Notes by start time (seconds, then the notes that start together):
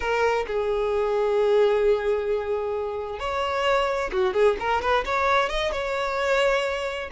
0.00 A#4
0.47 G#4
3.19 C#5
4.12 F#4
4.33 G#4
4.59 A#4
4.81 B4
5.05 C#5
5.49 D#5
5.72 C#5